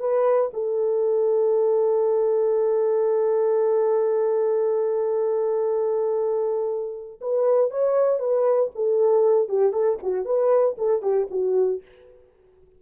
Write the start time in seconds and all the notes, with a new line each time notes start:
0.00 B4
0.54 A4
7.21 B4
7.71 C#5
8.19 B4
8.75 A4
9.49 G4
9.73 A4
10.03 F#4
10.25 B4
10.78 A4
11.02 G4
11.31 F#4